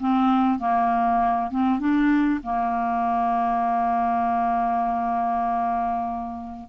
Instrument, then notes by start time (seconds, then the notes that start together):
clarinet
0.00 C4
0.59 A#3
1.51 C4
1.79 D4
2.43 A#3